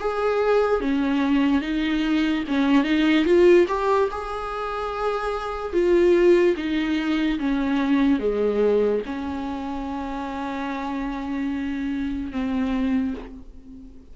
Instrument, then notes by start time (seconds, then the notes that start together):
viola
0.00 G#4
0.81 C#4
1.61 D#4
2.48 C#4
2.84 D#4
3.25 F4
3.68 G4
4.11 G#4
5.73 F4
6.56 D#4
7.39 C#4
8.20 G#3
9.06 C#4
12.32 C4